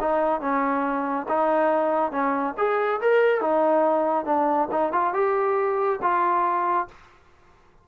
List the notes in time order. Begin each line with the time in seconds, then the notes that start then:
0.00 D#4
0.41 C#4
1.29 D#4
2.12 C#4
2.58 G#4
3.01 A#4
3.41 D#4
4.25 D4
4.71 D#4
4.92 F4
5.14 G4
6.02 F4